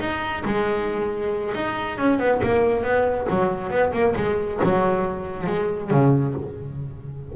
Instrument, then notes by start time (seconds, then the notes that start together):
double bass
0.00 D#4
0.45 G#3
1.55 D#4
1.98 C#4
2.19 B3
2.43 A#3
2.84 B3
3.30 F#3
3.71 B3
3.93 A#3
4.17 G#3
4.64 F#3
5.47 G#3
5.91 C#3